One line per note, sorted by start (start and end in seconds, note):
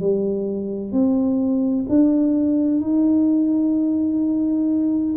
0.00 0.92 G3
0.92 1.86 C4
1.89 2.81 D4
2.81 5.15 D#4